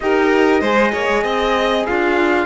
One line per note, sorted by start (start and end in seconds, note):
0.00 0.61 D#4
0.00 0.63 G4
0.00 0.60 A#4
0.00 1.86 D#5
0.60 0.92 G#3
0.60 2.46 G#4
0.60 0.91 C5
0.92 1.08 A#3
0.92 1.23 C#5
1.08 1.23 G#3
1.23 1.85 C4
1.23 1.86 D#5
1.86 2.46 D4
1.86 2.46 F4
1.86 2.46 F5